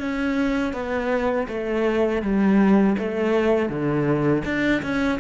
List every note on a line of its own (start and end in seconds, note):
0.00 0.73 C#4
0.73 1.47 B3
1.48 2.22 A3
2.22 2.96 G3
2.99 3.69 A3
3.69 4.43 D3
4.45 4.82 D4
4.82 5.19 C#4